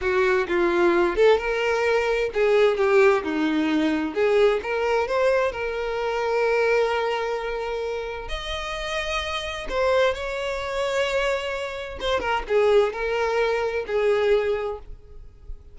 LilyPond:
\new Staff \with { instrumentName = "violin" } { \time 4/4 \tempo 4 = 130 fis'4 f'4. a'8 ais'4~ | ais'4 gis'4 g'4 dis'4~ | dis'4 gis'4 ais'4 c''4 | ais'1~ |
ais'2 dis''2~ | dis''4 c''4 cis''2~ | cis''2 c''8 ais'8 gis'4 | ais'2 gis'2 | }